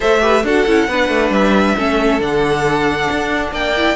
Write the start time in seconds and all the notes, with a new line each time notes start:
0.00 A3 A4 C5 E5
0.20 G4 B4
0.43 D4 F#4 A4 F#5
0.66 C#4 E4
0.87 B3 D4 B4
1.08 A3
1.30 G3 E5
1.75 A3 C#4 A4
2.19 D3 D4 F#5
3.10 D4
3.51 A#3 D5 G5
3.77 E4